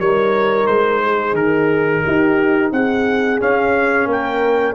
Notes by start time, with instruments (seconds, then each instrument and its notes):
0.00 tuba G3, trombone D#4, horn A#4, trumpet C#5
0.67 tuba G#3, trumpet C5
1.05 horn G#4
1.33 tuba D#3, trumpet A#4
2.04 tuba D#4, horn G4
2.72 tuba C4, horn G#4, trumpet F#5
3.40 trombone C#4, tuba C#4, trumpet F5
4.06 tuba A#3, horn A#4, trumpet G5